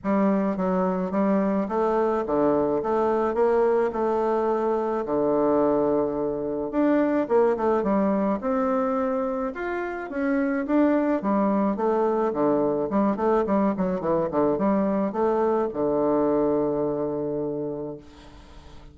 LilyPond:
\new Staff \with { instrumentName = "bassoon" } { \time 4/4 \tempo 4 = 107 g4 fis4 g4 a4 | d4 a4 ais4 a4~ | a4 d2. | d'4 ais8 a8 g4 c'4~ |
c'4 f'4 cis'4 d'4 | g4 a4 d4 g8 a8 | g8 fis8 e8 d8 g4 a4 | d1 | }